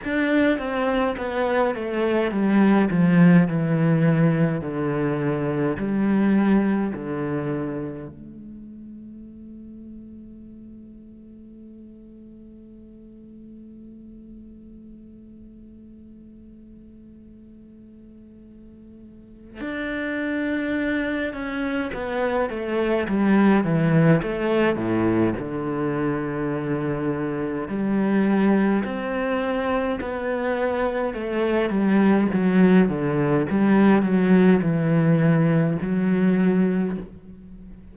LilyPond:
\new Staff \with { instrumentName = "cello" } { \time 4/4 \tempo 4 = 52 d'8 c'8 b8 a8 g8 f8 e4 | d4 g4 d4 a4~ | a1~ | a1~ |
a4 d'4. cis'8 b8 a8 | g8 e8 a8 a,8 d2 | g4 c'4 b4 a8 g8 | fis8 d8 g8 fis8 e4 fis4 | }